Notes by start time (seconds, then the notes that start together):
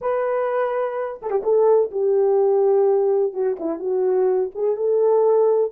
0.01 B4
1.21 A4
1.30 G4
1.43 A4
1.91 G4
3.33 F#4
3.59 E4
3.79 F#4
4.54 G#4
4.76 A4